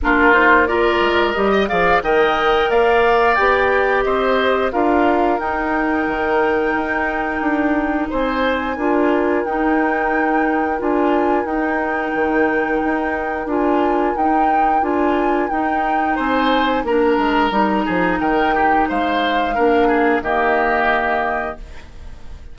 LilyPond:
<<
  \new Staff \with { instrumentName = "flute" } { \time 4/4 \tempo 4 = 89 ais'8 c''8 d''4 dis''8 f''8 g''4 | f''4 g''4 dis''4 f''4 | g''1 | gis''2 g''2 |
gis''4 g''2. | gis''4 g''4 gis''4 g''4 | gis''4 ais''2 g''4 | f''2 dis''2 | }
  \new Staff \with { instrumentName = "oboe" } { \time 4/4 f'4 ais'4~ ais'16 dis''16 d''8 dis''4 | d''2 c''4 ais'4~ | ais'1 | c''4 ais'2.~ |
ais'1~ | ais'1 | c''4 ais'4. gis'8 ais'8 g'8 | c''4 ais'8 gis'8 g'2 | }
  \new Staff \with { instrumentName = "clarinet" } { \time 4/4 d'8 dis'8 f'4 g'8 gis'8 ais'4~ | ais'4 g'2 f'4 | dis'1~ | dis'4 f'4 dis'2 |
f'4 dis'2. | f'4 dis'4 f'4 dis'4~ | dis'4 d'4 dis'2~ | dis'4 d'4 ais2 | }
  \new Staff \with { instrumentName = "bassoon" } { \time 4/4 ais4. gis8 g8 f8 dis4 | ais4 b4 c'4 d'4 | dis'4 dis4 dis'4 d'4 | c'4 d'4 dis'2 |
d'4 dis'4 dis4 dis'4 | d'4 dis'4 d'4 dis'4 | c'4 ais8 gis8 g8 f8 dis4 | gis4 ais4 dis2 | }
>>